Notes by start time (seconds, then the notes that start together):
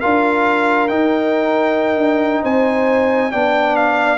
0.00 D4 F4 A#4 F5
0.88 D#4 G5
1.98 D4
2.42 C4 C5 G#5
3.31 B3 D4 D5 G5
3.76 F5